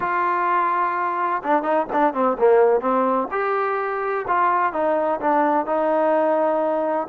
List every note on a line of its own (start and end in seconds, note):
0.00 1.42 F4
1.43 1.63 D4
1.63 1.86 D#4
1.92 2.13 D4
2.13 2.37 C4
2.38 2.80 A#3
2.80 3.28 C4
3.31 4.25 G4
4.27 4.72 F4
4.72 5.19 D#4
5.20 5.66 D4
5.66 7.07 D#4